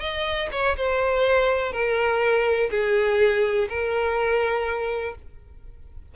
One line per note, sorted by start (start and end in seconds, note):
0.00 0.49 D#5
0.52 0.76 C#5
0.77 1.73 C5
1.73 2.70 A#4
2.71 3.69 G#4
3.69 5.16 A#4